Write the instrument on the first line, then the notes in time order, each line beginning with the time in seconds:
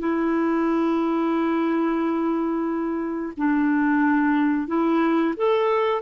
clarinet
0.00 E4
3.38 D4
4.68 E4
5.37 A4